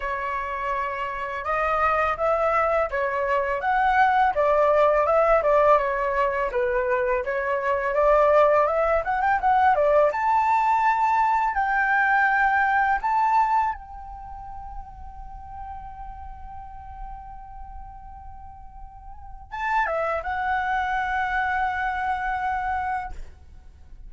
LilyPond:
\new Staff \with { instrumentName = "flute" } { \time 4/4 \tempo 4 = 83 cis''2 dis''4 e''4 | cis''4 fis''4 d''4 e''8 d''8 | cis''4 b'4 cis''4 d''4 | e''8 fis''16 g''16 fis''8 d''8 a''2 |
g''2 a''4 g''4~ | g''1~ | g''2. a''8 e''8 | fis''1 | }